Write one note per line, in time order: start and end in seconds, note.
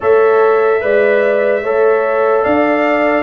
0.00 0.82 A3
0.00 0.80 A4
0.00 0.80 C#5
0.00 2.44 E5
0.80 1.62 G#3
0.80 1.61 B4
0.80 1.63 D5
1.62 2.43 A3
1.62 3.23 A4
1.62 2.43 C#5
2.43 3.23 D4
2.43 3.23 D5
2.43 3.23 F5